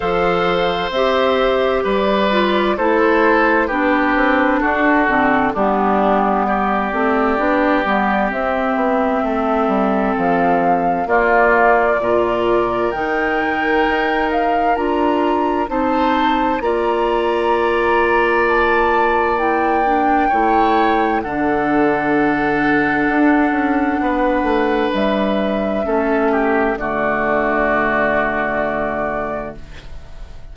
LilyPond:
<<
  \new Staff \with { instrumentName = "flute" } { \time 4/4 \tempo 4 = 65 f''4 e''4 d''4 c''4 | b'4 a'4 g'4 d''4~ | d''4 e''2 f''4 | d''2 g''4. f''8 |
ais''4 a''4 ais''2 | a''4 g''2 fis''4~ | fis''2. e''4~ | e''4 d''2. | }
  \new Staff \with { instrumentName = "oboe" } { \time 4/4 c''2 b'4 a'4 | g'4 fis'4 d'4 g'4~ | g'2 a'2 | f'4 ais'2.~ |
ais'4 c''4 d''2~ | d''2 cis''4 a'4~ | a'2 b'2 | a'8 g'8 fis'2. | }
  \new Staff \with { instrumentName = "clarinet" } { \time 4/4 a'4 g'4. f'8 e'4 | d'4. c'8 b4. c'8 | d'8 b8 c'2. | ais4 f'4 dis'2 |
f'4 dis'4 f'2~ | f'4 e'8 d'8 e'4 d'4~ | d'1 | cis'4 a2. | }
  \new Staff \with { instrumentName = "bassoon" } { \time 4/4 f4 c'4 g4 a4 | b8 c'8 d'8 d8 g4. a8 | b8 g8 c'8 b8 a8 g8 f4 | ais4 ais,4 dis4 dis'4 |
d'4 c'4 ais2~ | ais2 a4 d4~ | d4 d'8 cis'8 b8 a8 g4 | a4 d2. | }
>>